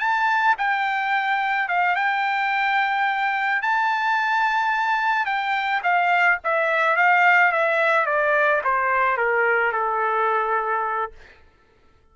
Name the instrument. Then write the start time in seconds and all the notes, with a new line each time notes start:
trumpet
0.00 A5
0.58 G5
1.69 F5
1.96 G5
3.62 A5
5.26 G5
5.83 F5
6.44 E5
6.96 F5
7.52 E5
8.06 D5
8.64 C5
9.17 A#4
9.73 A4